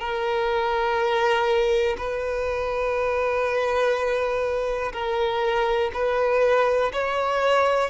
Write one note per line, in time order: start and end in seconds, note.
0.00 1.97 A#4
1.98 4.93 B4
4.93 5.92 A#4
5.94 6.92 B4
6.93 7.90 C#5